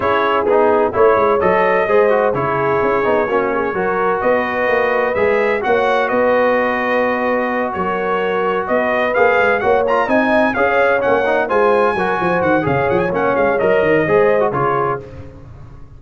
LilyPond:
<<
  \new Staff \with { instrumentName = "trumpet" } { \time 4/4 \tempo 4 = 128 cis''4 gis'4 cis''4 dis''4~ | dis''4 cis''2.~ | cis''4 dis''2 e''4 | fis''4 dis''2.~ |
dis''8 cis''2 dis''4 f''8~ | f''8 fis''8 ais''8 gis''4 f''4 fis''8~ | fis''8 gis''2 fis''8 f''8 fis''16 gis''16 | fis''8 f''8 dis''2 cis''4 | }
  \new Staff \with { instrumentName = "horn" } { \time 4/4 gis'2 cis''2 | c''4 gis'2 fis'8 gis'8 | ais'4 b'2. | cis''4 b'2.~ |
b'8 ais'2 b'4.~ | b'8 cis''4 dis''4 cis''4.~ | cis''8 c''4 ais'8 c''4 cis''4~ | cis''2 c''4 gis'4 | }
  \new Staff \with { instrumentName = "trombone" } { \time 4/4 e'4 dis'4 e'4 a'4 | gis'8 fis'8 e'4. dis'8 cis'4 | fis'2. gis'4 | fis'1~ |
fis'2.~ fis'8 gis'8~ | gis'8 fis'8 f'8 dis'4 gis'4 cis'8 | dis'8 f'4 fis'4. gis'4 | cis'4 ais'4 gis'8. fis'16 f'4 | }
  \new Staff \with { instrumentName = "tuba" } { \time 4/4 cis'4 b4 a8 gis8 fis4 | gis4 cis4 cis'8 b8 ais4 | fis4 b4 ais4 gis4 | ais4 b2.~ |
b8 fis2 b4 ais8 | gis8 ais4 c'4 cis'4 ais8~ | ais8 gis4 fis8 f8 dis8 cis8 f8 | ais8 gis8 fis8 dis8 gis4 cis4 | }
>>